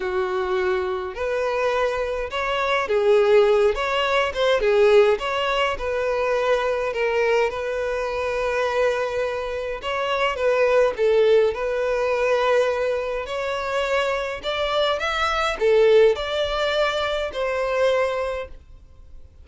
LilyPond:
\new Staff \with { instrumentName = "violin" } { \time 4/4 \tempo 4 = 104 fis'2 b'2 | cis''4 gis'4. cis''4 c''8 | gis'4 cis''4 b'2 | ais'4 b'2.~ |
b'4 cis''4 b'4 a'4 | b'2. cis''4~ | cis''4 d''4 e''4 a'4 | d''2 c''2 | }